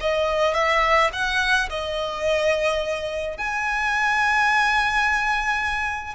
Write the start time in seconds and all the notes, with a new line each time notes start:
0.00 D#5
0.54 E5
1.12 F#5
1.69 D#5
3.37 G#5